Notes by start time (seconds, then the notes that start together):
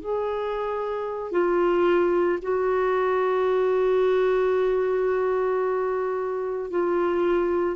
0.00 G#4
1.31 F4
2.42 F#4
6.70 F4